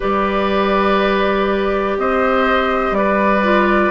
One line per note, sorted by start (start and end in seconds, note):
0.00 1.97 G3
0.00 3.42 G4
0.00 1.97 B4
0.00 1.98 D5
1.97 2.91 C4
1.97 2.97 C5
1.97 2.94 D#5
2.91 3.89 G3
2.91 3.90 D5
2.97 3.90 B4
3.43 3.90 F4